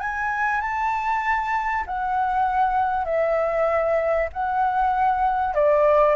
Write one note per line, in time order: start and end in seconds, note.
0.00 0.61 G#5
0.61 1.84 A5
1.86 3.05 F#5
3.05 4.29 E5
4.33 5.54 F#5
5.54 6.15 D5